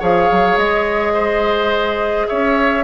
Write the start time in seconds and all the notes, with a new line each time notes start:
0.00 F3 G#4 C#5 F5
0.31 F#3
0.58 G#3 D#5
1.14 C5
2.28 C#4 C#5 E5